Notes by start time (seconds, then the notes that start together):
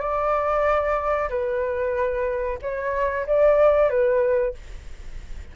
0.00 D5
1.29 B4
2.62 C#5
3.26 D5
3.89 B4